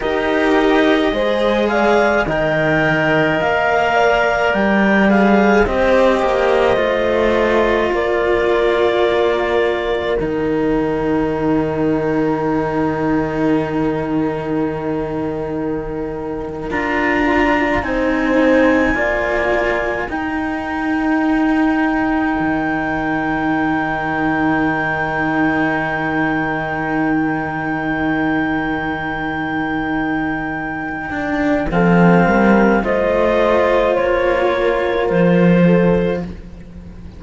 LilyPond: <<
  \new Staff \with { instrumentName = "clarinet" } { \time 4/4 \tempo 4 = 53 dis''4. f''8 g''4 f''4 | g''8 f''8 dis''2 d''4~ | d''4 g''2.~ | g''2~ g''8. ais''4 gis''16~ |
gis''4.~ gis''16 g''2~ g''16~ | g''1~ | g''1 | f''4 dis''4 cis''4 c''4 | }
  \new Staff \with { instrumentName = "horn" } { \time 4/4 ais'4 c''8 d''8 dis''4. d''8~ | d''4 c''2 ais'4~ | ais'1~ | ais'2.~ ais'8. c''16~ |
c''8. d''4 ais'2~ ais'16~ | ais'1~ | ais'1 | a'8 ais'8 c''4. ais'4 a'8 | }
  \new Staff \with { instrumentName = "cello" } { \time 4/4 g'4 gis'4 ais'2~ | ais'8 gis'8 g'4 f'2~ | f'4 dis'2.~ | dis'2~ dis'8. f'4 dis'16~ |
dis'8. f'4 dis'2~ dis'16~ | dis'1~ | dis'2.~ dis'8 d'8 | c'4 f'2. | }
  \new Staff \with { instrumentName = "cello" } { \time 4/4 dis'4 gis4 dis4 ais4 | g4 c'8 ais8 a4 ais4~ | ais4 dis2.~ | dis2~ dis8. d'4 c'16~ |
c'8. ais4 dis'2 dis16~ | dis1~ | dis1 | f8 g8 a4 ais4 f4 | }
>>